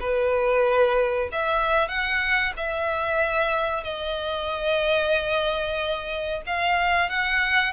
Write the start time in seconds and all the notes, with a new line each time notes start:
0.00 B4
1.32 E5
1.88 F#5
2.57 E5
3.83 D#5
6.46 F5
7.09 F#5